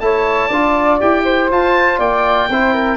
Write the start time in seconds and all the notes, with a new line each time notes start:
0.00 A3 E4 C#5 A5
0.47 D4 F4 D5
1.01 E4 G4 G5
1.24 C5
1.51 F4 A5
1.98 A#3 D5 G5
2.49 C4 E4 C5
2.73 A#4